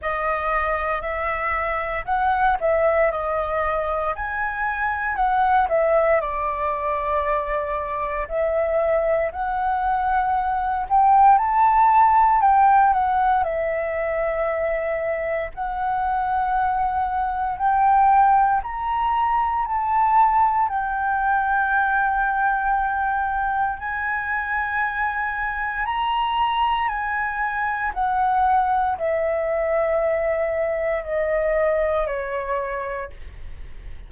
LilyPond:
\new Staff \with { instrumentName = "flute" } { \time 4/4 \tempo 4 = 58 dis''4 e''4 fis''8 e''8 dis''4 | gis''4 fis''8 e''8 d''2 | e''4 fis''4. g''8 a''4 | g''8 fis''8 e''2 fis''4~ |
fis''4 g''4 ais''4 a''4 | g''2. gis''4~ | gis''4 ais''4 gis''4 fis''4 | e''2 dis''4 cis''4 | }